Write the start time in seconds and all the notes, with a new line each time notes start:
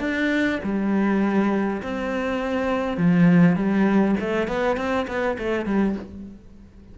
0.00 D4
0.63 G3
1.83 C4
2.98 F3
3.56 G3
4.20 A3
4.48 B3
4.77 C4
5.08 B3
5.38 A3
5.66 G3